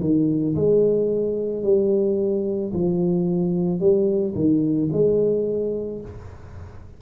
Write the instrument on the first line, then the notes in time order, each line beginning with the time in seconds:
tuba
0.00 D#3
0.55 G#3
1.63 G3
2.73 F3
3.79 G3
4.34 D#3
4.92 G#3